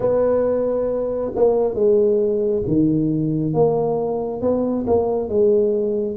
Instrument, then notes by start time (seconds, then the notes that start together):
tuba
0.00 B3
1.35 A#3
1.74 G#3
2.67 D#3
3.53 A#3
4.41 B3
4.86 A#3
5.29 G#3